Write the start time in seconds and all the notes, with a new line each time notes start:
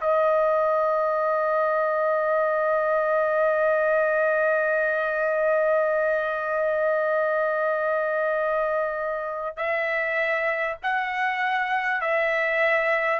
0.00 D#5
9.57 E5
10.83 F#5
12.01 E5